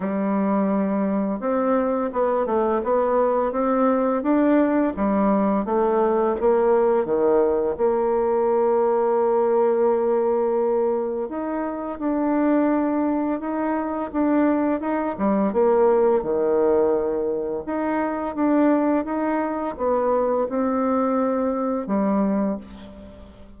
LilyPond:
\new Staff \with { instrumentName = "bassoon" } { \time 4/4 \tempo 4 = 85 g2 c'4 b8 a8 | b4 c'4 d'4 g4 | a4 ais4 dis4 ais4~ | ais1 |
dis'4 d'2 dis'4 | d'4 dis'8 g8 ais4 dis4~ | dis4 dis'4 d'4 dis'4 | b4 c'2 g4 | }